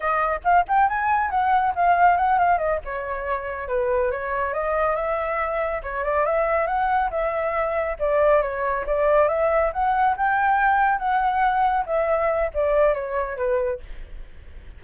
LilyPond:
\new Staff \with { instrumentName = "flute" } { \time 4/4 \tempo 4 = 139 dis''4 f''8 g''8 gis''4 fis''4 | f''4 fis''8 f''8 dis''8 cis''4.~ | cis''8 b'4 cis''4 dis''4 e''8~ | e''4. cis''8 d''8 e''4 fis''8~ |
fis''8 e''2 d''4 cis''8~ | cis''8 d''4 e''4 fis''4 g''8~ | g''4. fis''2 e''8~ | e''4 d''4 cis''4 b'4 | }